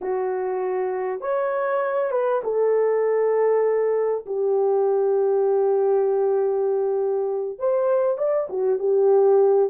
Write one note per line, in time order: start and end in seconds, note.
0.01 1.20 F#4
1.20 2.11 C#5
2.11 2.41 B4
2.43 4.25 A4
4.26 7.59 G4
7.59 8.17 C5
8.17 8.48 D5
8.49 8.79 F#4
8.79 9.70 G4